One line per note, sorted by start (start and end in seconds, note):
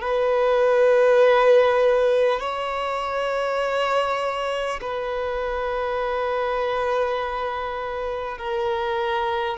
0.00 2.40 B4
2.40 4.80 C#5
4.81 8.37 B4
8.37 9.57 A#4